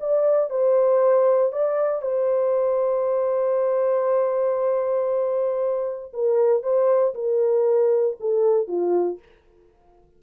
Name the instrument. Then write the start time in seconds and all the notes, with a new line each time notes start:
horn
0.00 D5
0.50 C5
1.52 D5
2.02 C5
6.13 A#4
6.63 C5
7.14 A#4
8.20 A4
8.68 F4